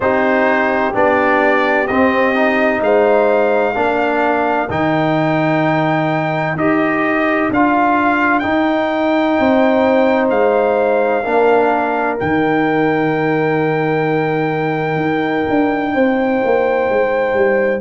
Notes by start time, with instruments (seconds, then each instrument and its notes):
0.00 tuba C4, trombone D#4, horn G4, trumpet C5
0.93 tuba B3, trombone D4, trumpet D5
1.87 tuba C4, trombone C4, trumpet D#5
2.34 trombone D#4
2.80 tuba G#3, horn C5, trumpet F5
3.74 tuba A#3, trombone D4, horn A#4
4.69 tuba D#3, trombone D#4, trumpet G5
6.55 tuba D#4, trombone G4, trumpet D#5
7.50 tuba D4, trombone F4, trumpet F5
8.39 trombone D#4, tuba D#4, trumpet G5
9.38 tuba C4, horn C5
10.29 tuba G#3, trumpet F5
11.24 tuba A#3, trombone D4, horn A#4
12.17 tuba D#3, trombone D#4, trumpet G5
14.96 tuba D#4
15.49 tuba D4
15.94 tuba C4, horn C5
16.44 tuba A#3
16.89 tuba G#3
17.33 tuba G3